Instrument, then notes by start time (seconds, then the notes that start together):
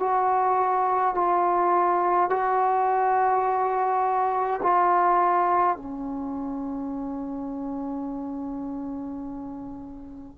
trombone
0.00 F#4
1.15 F4
2.30 F#4
4.63 F4
5.77 C#4